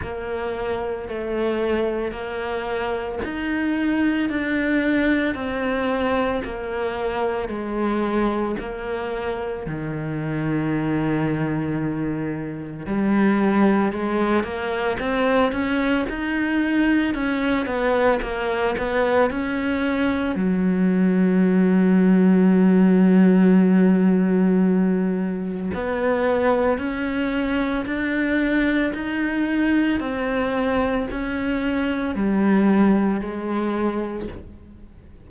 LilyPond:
\new Staff \with { instrumentName = "cello" } { \time 4/4 \tempo 4 = 56 ais4 a4 ais4 dis'4 | d'4 c'4 ais4 gis4 | ais4 dis2. | g4 gis8 ais8 c'8 cis'8 dis'4 |
cis'8 b8 ais8 b8 cis'4 fis4~ | fis1 | b4 cis'4 d'4 dis'4 | c'4 cis'4 g4 gis4 | }